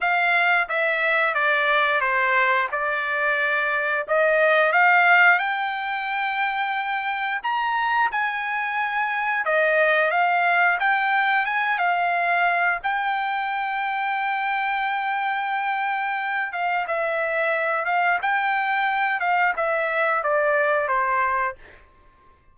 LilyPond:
\new Staff \with { instrumentName = "trumpet" } { \time 4/4 \tempo 4 = 89 f''4 e''4 d''4 c''4 | d''2 dis''4 f''4 | g''2. ais''4 | gis''2 dis''4 f''4 |
g''4 gis''8 f''4. g''4~ | g''1~ | g''8 f''8 e''4. f''8 g''4~ | g''8 f''8 e''4 d''4 c''4 | }